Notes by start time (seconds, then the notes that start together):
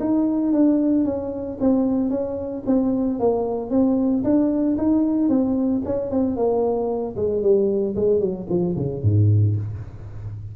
0.00 D#4
0.53 D4
1.05 C#4
1.60 C4
2.10 C#4
2.66 C4
3.20 A#3
3.70 C4
4.24 D4
4.78 D#4
5.29 C4
5.85 C#4
6.11 C4
6.36 A#3
7.16 G#3
7.42 G3
7.96 G#3
8.20 F#3
8.49 F3
8.76 C#3
9.03 G#2